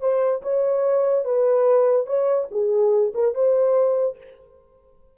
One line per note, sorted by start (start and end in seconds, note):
0.00 0.41 C5
0.42 1.25 C#5
1.25 2.06 B4
2.06 2.48 C#5
2.51 3.13 G#4
3.14 3.34 A#4
3.34 4.17 C5